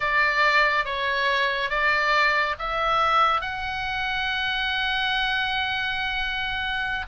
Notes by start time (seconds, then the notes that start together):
0.00 D5
0.85 C#5
1.69 D5
2.59 E5
3.41 F#5